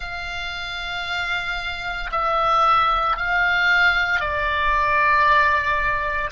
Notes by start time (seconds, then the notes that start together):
0.00 F5
2.11 E5
3.16 F5
4.20 D5